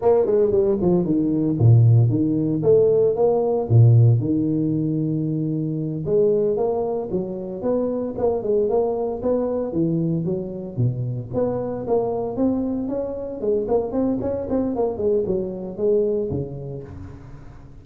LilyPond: \new Staff \with { instrumentName = "tuba" } { \time 4/4 \tempo 4 = 114 ais8 gis8 g8 f8 dis4 ais,4 | dis4 a4 ais4 ais,4 | dis2.~ dis8 gis8~ | gis8 ais4 fis4 b4 ais8 |
gis8 ais4 b4 e4 fis8~ | fis8 b,4 b4 ais4 c'8~ | c'8 cis'4 gis8 ais8 c'8 cis'8 c'8 | ais8 gis8 fis4 gis4 cis4 | }